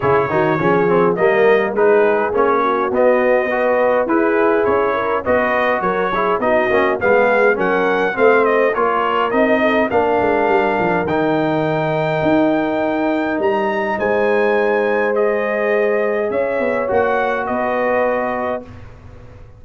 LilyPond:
<<
  \new Staff \with { instrumentName = "trumpet" } { \time 4/4 \tempo 4 = 103 cis''2 dis''4 b'4 | cis''4 dis''2 b'4 | cis''4 dis''4 cis''4 dis''4 | f''4 fis''4 f''8 dis''8 cis''4 |
dis''4 f''2 g''4~ | g''2. ais''4 | gis''2 dis''2 | e''4 fis''4 dis''2 | }
  \new Staff \with { instrumentName = "horn" } { \time 4/4 gis'8 fis'8 gis'4 ais'4 gis'4~ | gis'8 fis'4. b'4 gis'4~ | gis'8 ais'8 b'4 ais'8 gis'8 fis'4 | gis'4 ais'4 c''4 ais'4~ |
ais'8 a'8 ais'2.~ | ais'1 | c''1 | cis''2 b'2 | }
  \new Staff \with { instrumentName = "trombone" } { \time 4/4 e'8 dis'8 cis'8 c'8 ais4 dis'4 | cis'4 b4 fis'4 e'4~ | e'4 fis'4. e'8 dis'8 cis'8 | b4 cis'4 c'4 f'4 |
dis'4 d'2 dis'4~ | dis'1~ | dis'2 gis'2~ | gis'4 fis'2. | }
  \new Staff \with { instrumentName = "tuba" } { \time 4/4 cis8 dis8 f4 g4 gis4 | ais4 b2 e'4 | cis'4 b4 fis4 b8 ais8 | gis4 fis4 a4 ais4 |
c'4 ais8 gis8 g8 f8 dis4~ | dis4 dis'2 g4 | gis1 | cis'8 b8 ais4 b2 | }
>>